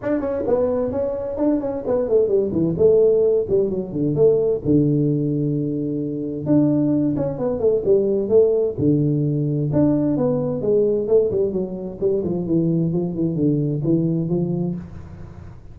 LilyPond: \new Staff \with { instrumentName = "tuba" } { \time 4/4 \tempo 4 = 130 d'8 cis'8 b4 cis'4 d'8 cis'8 | b8 a8 g8 e8 a4. g8 | fis8 d8 a4 d2~ | d2 d'4. cis'8 |
b8 a8 g4 a4 d4~ | d4 d'4 b4 gis4 | a8 g8 fis4 g8 f8 e4 | f8 e8 d4 e4 f4 | }